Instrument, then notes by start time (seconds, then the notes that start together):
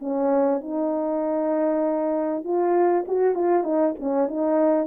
horn
0.00 C#4
0.61 D#4
2.44 F4
3.08 F#4
3.35 F4
3.64 D#4
3.99 C#4
4.28 D#4